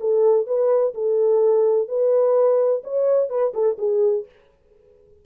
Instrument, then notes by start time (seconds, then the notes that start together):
horn
0.00 A4
0.46 B4
0.94 A4
1.88 B4
2.84 C#5
3.29 B4
3.54 A4
3.78 G#4